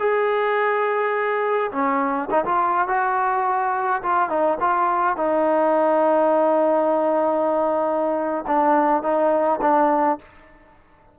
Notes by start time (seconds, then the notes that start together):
0.00 G#4
1.72 C#4
2.31 D#4
2.45 F4
2.88 F#4
4.03 F4
4.30 D#4
4.61 F4
5.17 D#4
8.47 D4
9.03 D#4
9.62 D4